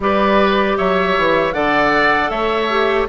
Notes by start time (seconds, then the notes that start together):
0.00 G3 G4 B4 D5
0.77 F#3 C#5 E5
1.17 E3
1.53 D3 A4 D5 F#5
2.29 A3 C#5 E5
2.69 G4